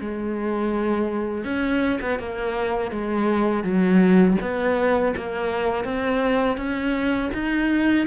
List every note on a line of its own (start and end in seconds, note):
0.00 1.44 G#3
1.44 1.99 C#4
2.01 2.19 B3
2.19 2.91 A#3
2.91 3.63 G#3
3.63 4.36 F#3
4.41 5.14 B3
5.16 5.84 A#3
5.84 6.57 C4
6.57 7.30 C#4
7.33 8.06 D#4